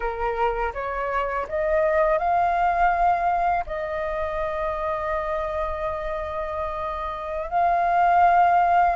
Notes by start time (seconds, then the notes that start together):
0.00 A#4
0.73 C#5
1.48 D#5
2.18 F5
3.66 D#5
7.49 F5